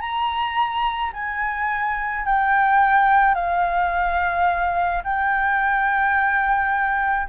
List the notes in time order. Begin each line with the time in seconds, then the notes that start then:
0.00 A#5
1.13 G#5
2.25 G5
3.34 F5
5.03 G5